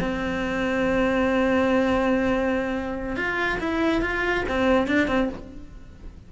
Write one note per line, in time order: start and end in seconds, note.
0.00 3.16 C4
3.16 3.59 F4
3.60 4.02 E4
4.02 4.44 F4
4.48 4.87 C4
4.87 5.08 D4
5.08 5.29 C4